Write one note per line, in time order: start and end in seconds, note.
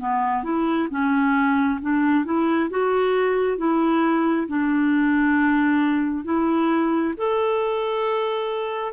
0.00 0.44 B3
0.44 0.89 E4
0.91 1.80 C#4
1.82 2.26 D4
2.26 2.70 E4
2.71 3.58 F#4
3.58 4.48 E4
4.48 6.25 D4
6.25 7.14 E4
7.18 8.93 A4